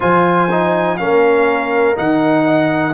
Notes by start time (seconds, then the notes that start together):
0.00 F3 F4 C5 G#5
0.50 D#4
0.97 A#3 C#4 A#4 F5
1.96 D#3 D#4 F#5
2.46 D#5